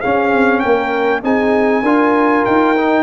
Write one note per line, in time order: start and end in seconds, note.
0.00 1.23 C#4
0.00 0.32 C#4
0.00 0.61 G#4
0.00 0.59 F5
0.32 0.63 C4
0.59 1.23 A#3
0.59 1.22 A#4
0.59 1.20 G5
1.23 1.83 C4
1.23 1.83 D#4
1.23 1.82 G#4
1.23 2.45 G#5
1.82 2.43 D4
1.82 2.76 F4
1.82 3.03 A#4
2.45 3.03 D#4
2.45 3.03 G5
2.76 3.03 D#4